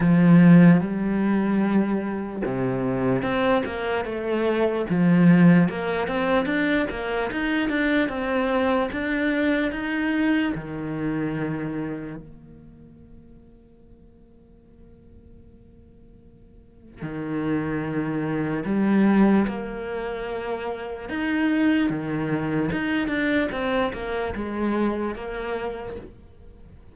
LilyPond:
\new Staff \with { instrumentName = "cello" } { \time 4/4 \tempo 4 = 74 f4 g2 c4 | c'8 ais8 a4 f4 ais8 c'8 | d'8 ais8 dis'8 d'8 c'4 d'4 | dis'4 dis2 ais4~ |
ais1~ | ais4 dis2 g4 | ais2 dis'4 dis4 | dis'8 d'8 c'8 ais8 gis4 ais4 | }